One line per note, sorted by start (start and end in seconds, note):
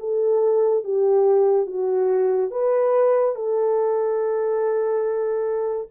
0.00 0.84 A4
0.84 1.67 G4
1.67 2.51 F#4
2.51 3.35 B4
3.35 5.89 A4